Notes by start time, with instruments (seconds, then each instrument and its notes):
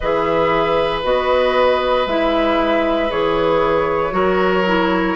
0.00 bassoon E3, clarinet G#4, oboe B4, flute E5
1.03 bassoon B3, clarinet F#4, flute D#5
2.06 bassoon G#3, clarinet E4, flute E5
3.09 bassoon E3, clarinet G#4, flute C#5
4.10 bassoon F#3, clarinet F#4, oboe A#4
4.67 clarinet E4